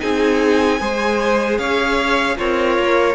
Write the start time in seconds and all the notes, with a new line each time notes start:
0.00 C4 D#4 G#4 G#5
0.80 G#3 G#4 C5
1.58 C#4 C#5 F5
2.37 C4 F4 A#4 C#5
2.79 A#3